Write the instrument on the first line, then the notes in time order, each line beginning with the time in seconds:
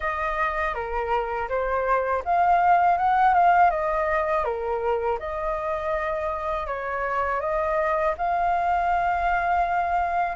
flute
0.00 D#5
0.74 A#4
1.48 C5
2.24 F5
2.97 F#5
3.34 F5
3.70 D#5
4.44 A#4
5.19 D#5
6.66 C#5
7.40 D#5
8.17 F5